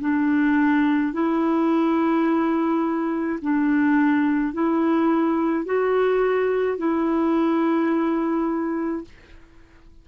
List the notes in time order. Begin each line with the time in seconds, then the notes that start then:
0.00 D4
1.13 E4
3.42 D4
4.53 E4
5.65 F#4
6.77 E4